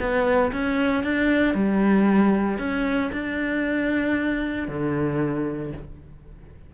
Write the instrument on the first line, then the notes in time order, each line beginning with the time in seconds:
cello
0.00 B3
0.53 C#4
1.04 D4
1.55 G3
2.59 C#4
3.13 D4
4.69 D3